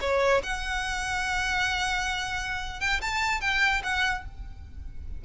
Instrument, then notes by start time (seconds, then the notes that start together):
violin
0.00 C#5
0.43 F#5
2.80 G5
3.01 A5
3.40 G5
3.83 F#5